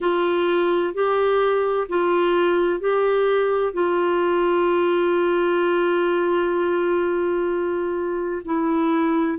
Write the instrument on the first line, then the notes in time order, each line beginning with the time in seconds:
clarinet
0.00 F4
0.94 G4
1.88 F4
2.80 G4
3.73 F4
8.44 E4